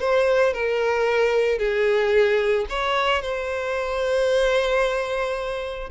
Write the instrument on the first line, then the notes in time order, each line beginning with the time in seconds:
violin
0.00 C5
0.53 A#4
1.58 G#4
2.69 C#5
3.22 C5